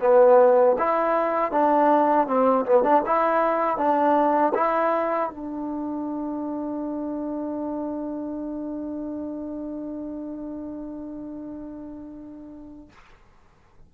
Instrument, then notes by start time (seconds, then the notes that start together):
trombone
0.00 B3
0.78 E4
1.52 D4
2.28 C4
2.65 B3
2.83 D4
3.06 E4
3.77 D4
4.54 E4
5.30 D4